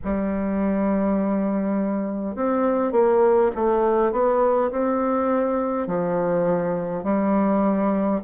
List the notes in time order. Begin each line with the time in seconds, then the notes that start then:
0.03 G3
2.35 C4
2.91 A#3
3.55 A3
4.12 B3
4.71 C4
5.87 F3
7.03 G3